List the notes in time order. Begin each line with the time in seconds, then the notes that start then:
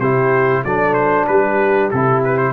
0.00 C3 E4 G4 C5
0.64 F#3 D4 A4 D5
0.94 C5
1.27 G3 G4 B4
1.91 C3 E4 A4
2.24 B4
2.37 C5